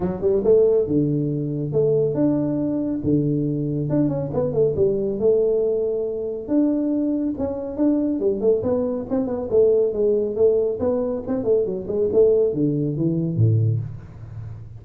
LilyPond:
\new Staff \with { instrumentName = "tuba" } { \time 4/4 \tempo 4 = 139 fis8 g8 a4 d2 | a4 d'2 d4~ | d4 d'8 cis'8 b8 a8 g4 | a2. d'4~ |
d'4 cis'4 d'4 g8 a8 | b4 c'8 b8 a4 gis4 | a4 b4 c'8 a8 fis8 gis8 | a4 d4 e4 a,4 | }